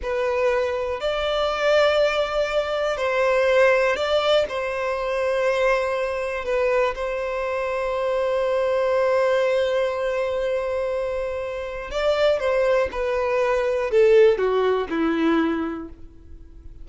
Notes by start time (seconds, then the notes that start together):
0.02 B4
1.00 D5
2.97 C5
3.96 D5
4.48 C5
6.45 B4
6.95 C5
11.91 D5
12.39 C5
12.91 B4
13.90 A4
14.38 F#4
14.89 E4